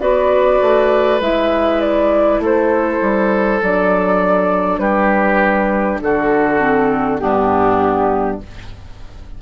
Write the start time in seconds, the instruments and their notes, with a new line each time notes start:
0.00 bassoon B3, clarinet F#4, oboe B4, flute D5
0.61 bassoon A3
1.21 bassoon G#3, clarinet E4, flute E5
1.81 flute D5
2.39 bassoon A3, oboe A4, flute C5
3.02 bassoon G3
3.61 bassoon F#3, clarinet D4, flute D5
4.78 bassoon G3, oboe G4, flute B4
6.02 bassoon D3, oboe F#4, flute A4
6.59 clarinet C4
7.18 bassoon G2, clarinet B3, oboe D4, flute G4